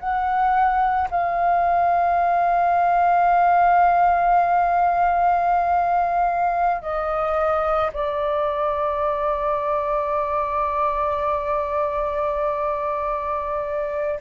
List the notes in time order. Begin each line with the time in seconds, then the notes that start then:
0.00 F#5
1.11 F5
6.82 D#5
7.93 D5